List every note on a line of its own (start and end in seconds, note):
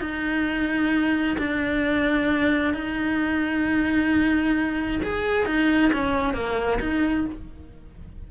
0.00 1.36 D#4
1.38 2.74 D4
2.74 5.01 D#4
5.03 5.46 G#4
5.46 5.91 D#4
5.93 6.34 C#4
6.34 6.79 A#3
6.80 7.25 D#4